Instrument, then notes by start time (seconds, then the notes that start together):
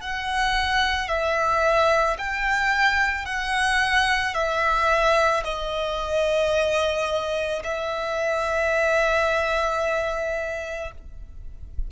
violin
0.00 F#5
1.08 E5
2.18 G5
3.25 F#5
4.34 E5
5.44 D#5
7.64 E5